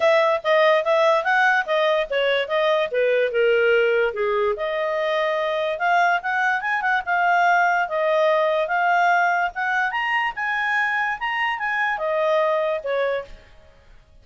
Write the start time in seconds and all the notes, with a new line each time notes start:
0.00 E5
0.43 D#5
0.84 E5
1.24 F#5
1.66 D#5
2.10 C#5
2.48 D#5
2.91 B4
3.31 A#4
4.13 G#4
4.56 D#5
5.79 F5
6.22 F#5
6.61 G#5
6.81 F#5
7.05 F5
7.88 D#5
8.67 F5
9.54 F#5
9.91 A#5
10.35 G#5
11.19 A#5
11.59 G#5
11.97 D#5
12.83 C#5